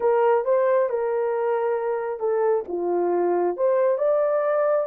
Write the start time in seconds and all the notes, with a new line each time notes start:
0.00 A#4
0.44 C5
0.89 A#4
2.19 A4
2.67 F4
3.57 C5
3.98 D5